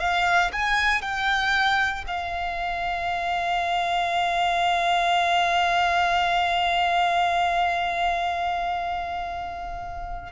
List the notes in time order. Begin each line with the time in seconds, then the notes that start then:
0.00 F5
0.53 G#5
1.02 G5
2.07 F5